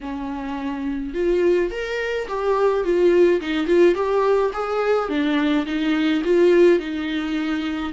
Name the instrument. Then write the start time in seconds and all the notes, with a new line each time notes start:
viola
0.01 C#4
1.14 F4
1.70 A#4
2.28 G4
2.84 F4
3.40 D#4
3.66 F4
3.94 G4
4.53 G#4
5.09 D4
5.66 D#4
6.24 F4
6.79 D#4